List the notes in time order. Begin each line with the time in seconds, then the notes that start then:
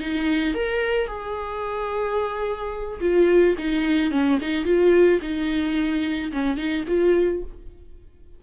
0.00 D#4
0.54 A#4
1.07 G#4
3.01 F4
3.58 D#4
4.11 C#4
4.41 D#4
4.65 F4
5.21 D#4
6.33 C#4
6.57 D#4
6.88 F4